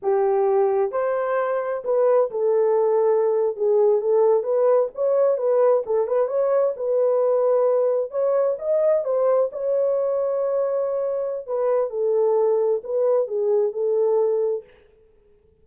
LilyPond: \new Staff \with { instrumentName = "horn" } { \time 4/4 \tempo 4 = 131 g'2 c''2 | b'4 a'2~ a'8. gis'16~ | gis'8. a'4 b'4 cis''4 b'16~ | b'8. a'8 b'8 cis''4 b'4~ b'16~ |
b'4.~ b'16 cis''4 dis''4 c''16~ | c''8. cis''2.~ cis''16~ | cis''4 b'4 a'2 | b'4 gis'4 a'2 | }